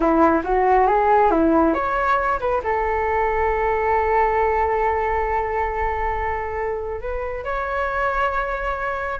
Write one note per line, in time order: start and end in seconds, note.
0.00 0.42 E4
0.44 0.87 F#4
0.87 1.30 G#4
1.30 1.74 E4
1.74 2.39 C#5
2.39 2.61 B4
2.63 7.00 A4
7.00 7.44 B4
7.44 9.19 C#5